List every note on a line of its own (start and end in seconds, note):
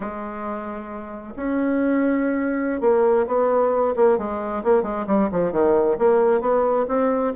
0.00 1.33 G#3
1.36 2.81 C#4
2.81 3.26 A#3
3.26 3.94 B3
3.96 4.18 A#3
4.18 4.63 G#3
4.63 4.82 A#3
4.82 5.05 G#3
5.06 5.29 G3
5.31 5.52 F3
5.52 5.97 D#3
5.98 6.40 A#3
6.40 6.86 B3
6.88 7.33 C4